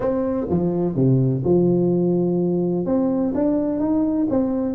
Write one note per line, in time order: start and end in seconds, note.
0.00 0.47 C4
0.49 0.95 F3
0.95 1.42 C3
1.44 2.85 F3
2.85 3.33 C4
3.34 3.79 D4
3.79 4.27 D#4
4.29 4.74 C4